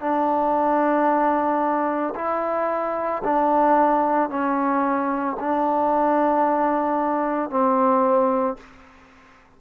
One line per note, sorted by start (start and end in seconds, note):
0.00 2.14 D4
2.15 3.22 E4
3.24 4.30 D4
4.30 5.37 C#4
5.40 7.50 D4
7.50 8.57 C4